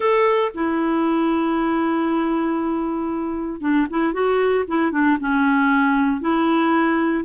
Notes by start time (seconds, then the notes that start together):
0.00 A4
0.54 E4
3.60 D4
3.89 E4
4.13 F#4
4.67 E4
4.91 D4
5.20 C#4
6.20 E4